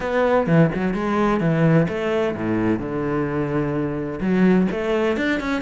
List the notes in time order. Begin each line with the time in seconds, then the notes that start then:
0.00 B3
0.46 E3
0.74 F#3
0.94 G#3
1.40 E3
1.88 A3
2.35 A2
2.79 D3
4.20 F#3
4.71 A3
5.16 D4
5.39 C#4